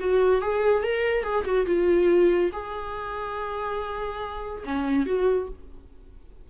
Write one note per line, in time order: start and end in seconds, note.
0.00 0.42 F#4
0.42 0.83 G#4
0.83 1.24 A#4
1.24 1.45 G#4
1.45 1.66 F#4
1.66 2.51 F4
2.53 4.64 G#4
4.65 5.07 C#4
5.07 5.49 F#4